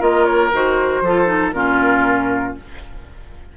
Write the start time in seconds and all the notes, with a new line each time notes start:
0.00 A#3 F4 A#4 D#5
0.26 C#5
0.53 D#3 F#4 C5
1.02 F3 F4 A4
1.26 D#4
1.52 A#2 C#4 F4 A#4